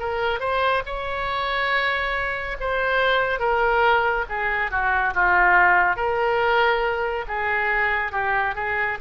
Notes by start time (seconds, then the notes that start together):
0.00 A#4
0.40 C5
0.86 C#5
2.61 C5
3.40 A#4
4.30 G#4
4.71 F#4
5.15 F4
5.97 A#4
7.28 G#4
8.12 G4
8.56 G#4